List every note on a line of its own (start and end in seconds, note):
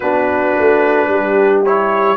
0.00 0.56 B3
0.00 1.65 D4
0.00 1.08 F#4
0.00 1.62 B4
0.59 1.08 A3
1.08 2.16 G3
1.08 2.16 G4
1.65 2.16 E4
1.65 2.16 C#5